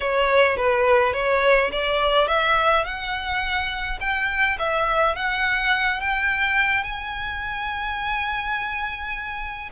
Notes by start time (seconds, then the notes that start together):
0.00 C#5
0.56 B4
1.13 C#5
1.71 D5
2.27 E5
2.84 F#5
4.00 G5
4.58 E5
5.15 F#5
6.00 G5
6.83 G#5